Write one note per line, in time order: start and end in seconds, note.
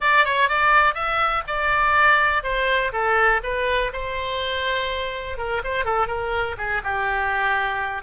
0.00 0.24 D5
0.24 0.48 C#5
0.48 0.94 D5
0.94 1.43 E5
1.47 2.43 D5
2.43 2.92 C5
2.92 3.41 A4
3.43 3.92 B4
3.92 5.37 C5
5.37 5.62 A#4
5.63 5.84 C5
5.84 6.07 A4
6.07 6.55 A#4
6.57 6.82 G#4
6.83 8.02 G4